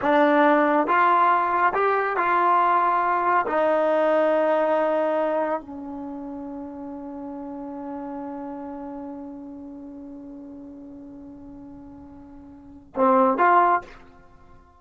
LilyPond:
\new Staff \with { instrumentName = "trombone" } { \time 4/4 \tempo 4 = 139 d'2 f'2 | g'4 f'2. | dis'1~ | dis'4 cis'2.~ |
cis'1~ | cis'1~ | cis'1~ | cis'2 c'4 f'4 | }